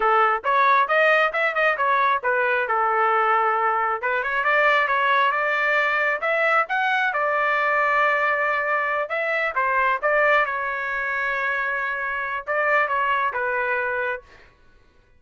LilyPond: \new Staff \with { instrumentName = "trumpet" } { \time 4/4 \tempo 4 = 135 a'4 cis''4 dis''4 e''8 dis''8 | cis''4 b'4 a'2~ | a'4 b'8 cis''8 d''4 cis''4 | d''2 e''4 fis''4 |
d''1~ | d''8 e''4 c''4 d''4 cis''8~ | cis''1 | d''4 cis''4 b'2 | }